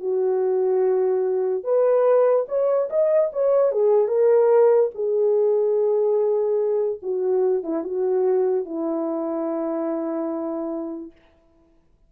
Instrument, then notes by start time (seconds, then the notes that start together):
horn
0.00 F#4
1.64 B4
2.48 C#5
2.90 D#5
3.33 C#5
3.72 G#4
4.08 A#4
4.95 G#4
7.02 F#4
7.64 E4
7.84 F#4
8.66 E4